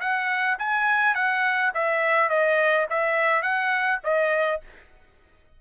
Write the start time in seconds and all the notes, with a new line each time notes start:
0.00 F#5
0.58 G#5
1.14 F#5
1.74 E5
2.29 D#5
2.89 E5
3.42 F#5
4.03 D#5